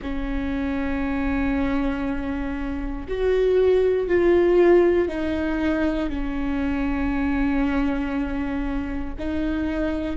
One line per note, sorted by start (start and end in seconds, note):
0.02 3.07 C#4
3.08 4.08 F#4
4.08 5.08 F4
5.08 6.09 D#4
6.09 9.14 C#4
9.18 10.16 D#4